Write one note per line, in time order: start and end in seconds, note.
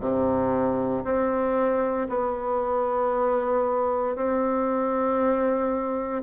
0.00 1.03 C3
1.04 2.07 C4
2.09 4.16 B3
4.16 6.23 C4